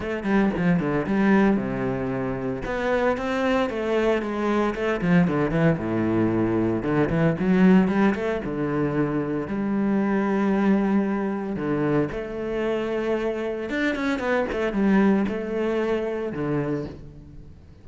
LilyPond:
\new Staff \with { instrumentName = "cello" } { \time 4/4 \tempo 4 = 114 a8 g8 f8 d8 g4 c4~ | c4 b4 c'4 a4 | gis4 a8 f8 d8 e8 a,4~ | a,4 d8 e8 fis4 g8 a8 |
d2 g2~ | g2 d4 a4~ | a2 d'8 cis'8 b8 a8 | g4 a2 d4 | }